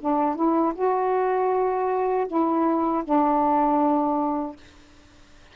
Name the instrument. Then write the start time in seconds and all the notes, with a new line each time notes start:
saxophone
0.00 D4
0.35 E4
0.75 F#4
2.27 E4
3.04 D4